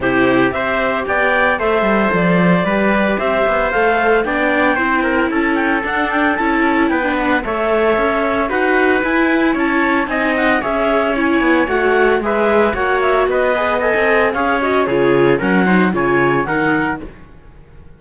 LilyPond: <<
  \new Staff \with { instrumentName = "clarinet" } { \time 4/4 \tempo 4 = 113 c''4 e''4 g''4 e''4 | d''2 e''4 f''4 | g''2 a''8 g''8 fis''8 g''8 | a''4 g''8 fis''8 e''2 |
fis''4 gis''4 a''4 gis''8 fis''8 | e''4 gis''4 fis''4 e''4 | fis''8 e''8 dis''4 gis''4 f''8 dis''8 | cis''4 fis''4 gis''4 fis''4 | }
  \new Staff \with { instrumentName = "trumpet" } { \time 4/4 g'4 c''4 d''4 c''4~ | c''4 b'4 c''2 | d''4 c''8 ais'8 a'2~ | a'4 b'4 cis''2 |
b'2 cis''4 dis''4 | cis''2. b'4 | cis''4 b'4 dis''4 cis''4 | gis'4 ais'8 c''8 cis''4 ais'4 | }
  \new Staff \with { instrumentName = "viola" } { \time 4/4 e'4 g'2 a'4~ | a'4 g'2 a'4 | d'4 e'2 d'4 | e'4~ e'16 d'8. a'2 |
fis'4 e'2 dis'4 | gis'4 e'4 fis'4 gis'4 | fis'4. gis'8 a'4 gis'8 fis'8 | f'4 cis'8 dis'8 f'4 dis'4 | }
  \new Staff \with { instrumentName = "cello" } { \time 4/4 c4 c'4 b4 a8 g8 | f4 g4 c'8 b8 a4 | b4 c'4 cis'4 d'4 | cis'4 b4 a4 cis'4 |
dis'4 e'4 cis'4 c'4 | cis'4. b8 a4 gis4 | ais4 b4~ b16 c'8. cis'4 | cis4 fis4 cis4 dis4 | }
>>